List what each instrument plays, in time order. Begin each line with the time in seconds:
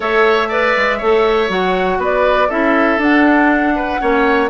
0.00 bassoon A3, clarinet A4, oboe C#5, flute E5
0.48 clarinet B4, oboe D5
0.76 bassoon G#3
0.97 bassoon A3, clarinet A4, oboe C#5
1.48 bassoon F#3, clarinet F#4, flute F#5
1.97 bassoon B3, oboe B4, flute D5
2.48 bassoon C#4, clarinet E4, oboe A4, flute E5
2.97 bassoon D4, clarinet D4, flute F#5
3.75 oboe B4
3.99 bassoon A#3, clarinet C#4, oboe C#5